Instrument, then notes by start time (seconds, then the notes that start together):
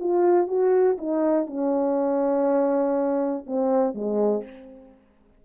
horn
0.00 F4
0.48 F#4
0.98 D#4
1.47 C#4
3.47 C4
3.94 G#3